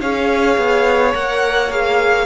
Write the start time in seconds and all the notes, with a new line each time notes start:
0.00 C#4 G#4 C#5 F5
0.57 B3
1.13 A#3 A#4 F#5
1.70 G#4 F5